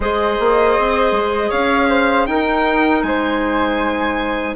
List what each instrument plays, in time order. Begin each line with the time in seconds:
0.00 bassoon G#3, clarinet G#4, flute C5, violin D#5
0.39 bassoon A#3
0.78 bassoon C4
1.11 bassoon G#3
1.49 bassoon C#4, flute C#5, violin F5
1.89 flute C5
2.26 bassoon D#4, clarinet D#4, flute A#4, violin G5
3.02 bassoon G#3, flute C5, violin G#5